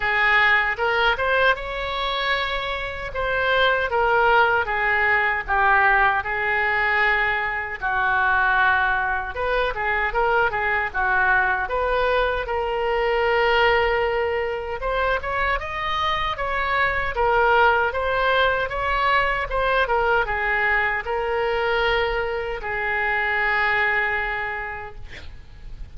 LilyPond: \new Staff \with { instrumentName = "oboe" } { \time 4/4 \tempo 4 = 77 gis'4 ais'8 c''8 cis''2 | c''4 ais'4 gis'4 g'4 | gis'2 fis'2 | b'8 gis'8 ais'8 gis'8 fis'4 b'4 |
ais'2. c''8 cis''8 | dis''4 cis''4 ais'4 c''4 | cis''4 c''8 ais'8 gis'4 ais'4~ | ais'4 gis'2. | }